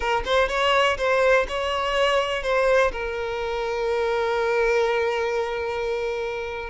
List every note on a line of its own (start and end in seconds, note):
0.00 0.23 A#4
0.25 0.48 C5
0.48 0.97 C#5
0.97 1.46 C5
1.48 2.43 C#5
2.43 2.91 C5
2.91 6.69 A#4